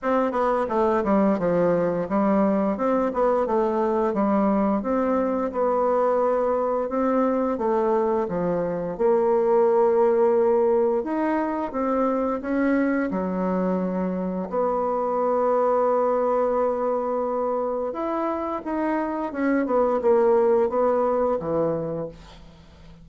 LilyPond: \new Staff \with { instrumentName = "bassoon" } { \time 4/4 \tempo 4 = 87 c'8 b8 a8 g8 f4 g4 | c'8 b8 a4 g4 c'4 | b2 c'4 a4 | f4 ais2. |
dis'4 c'4 cis'4 fis4~ | fis4 b2.~ | b2 e'4 dis'4 | cis'8 b8 ais4 b4 e4 | }